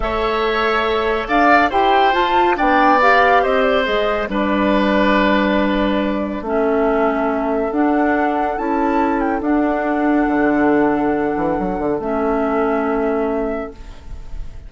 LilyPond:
<<
  \new Staff \with { instrumentName = "flute" } { \time 4/4 \tempo 4 = 140 e''2. f''4 | g''4 a''4 g''4 f''4 | dis''8 d''8 dis''4 d''2~ | d''2. e''4~ |
e''2 fis''2 | a''4. g''8 fis''2~ | fis''1 | e''1 | }
  \new Staff \with { instrumentName = "oboe" } { \time 4/4 cis''2. d''4 | c''2 d''2 | c''2 b'2~ | b'2. a'4~ |
a'1~ | a'1~ | a'1~ | a'1 | }
  \new Staff \with { instrumentName = "clarinet" } { \time 4/4 a'1 | g'4 f'4 d'4 g'4~ | g'4 gis'4 d'2~ | d'2. cis'4~ |
cis'2 d'2 | e'2 d'2~ | d'1 | cis'1 | }
  \new Staff \with { instrumentName = "bassoon" } { \time 4/4 a2. d'4 | e'4 f'4 b2 | c'4 gis4 g2~ | g2. a4~ |
a2 d'2 | cis'2 d'2 | d2~ d8 e8 fis8 d8 | a1 | }
>>